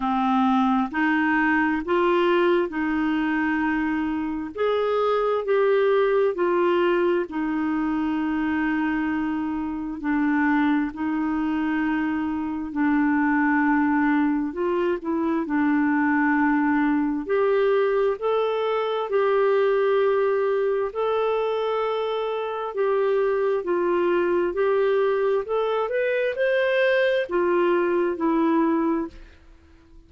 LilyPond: \new Staff \with { instrumentName = "clarinet" } { \time 4/4 \tempo 4 = 66 c'4 dis'4 f'4 dis'4~ | dis'4 gis'4 g'4 f'4 | dis'2. d'4 | dis'2 d'2 |
f'8 e'8 d'2 g'4 | a'4 g'2 a'4~ | a'4 g'4 f'4 g'4 | a'8 b'8 c''4 f'4 e'4 | }